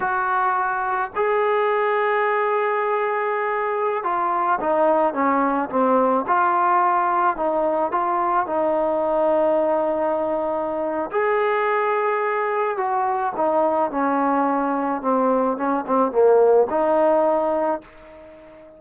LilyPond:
\new Staff \with { instrumentName = "trombone" } { \time 4/4 \tempo 4 = 108 fis'2 gis'2~ | gis'2.~ gis'16 f'8.~ | f'16 dis'4 cis'4 c'4 f'8.~ | f'4~ f'16 dis'4 f'4 dis'8.~ |
dis'1 | gis'2. fis'4 | dis'4 cis'2 c'4 | cis'8 c'8 ais4 dis'2 | }